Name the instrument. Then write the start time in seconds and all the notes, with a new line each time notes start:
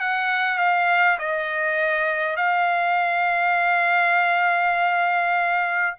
trumpet
0.00 F#5
0.58 F5
1.19 D#5
2.36 F5